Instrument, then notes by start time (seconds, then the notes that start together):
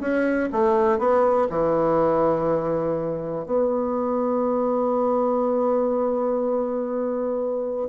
bassoon
0.00 C#4
0.52 A3
0.98 B3
1.50 E3
3.46 B3